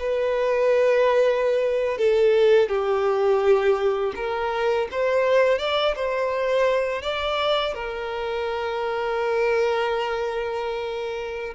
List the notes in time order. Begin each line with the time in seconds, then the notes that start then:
0.00 B4
1.98 A4
2.69 G4
4.16 A#4
4.91 C5
5.59 D5
5.96 C5
7.03 D5
7.74 A#4